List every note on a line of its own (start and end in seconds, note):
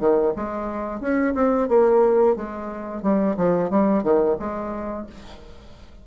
0.00 0.34 D#3
0.36 1.01 G#3
1.01 1.34 C#4
1.35 1.69 C4
1.69 2.36 A#3
2.36 3.03 G#3
3.03 3.36 G3
3.37 3.70 F3
3.70 4.03 G3
4.03 4.37 D#3
4.39 5.07 G#3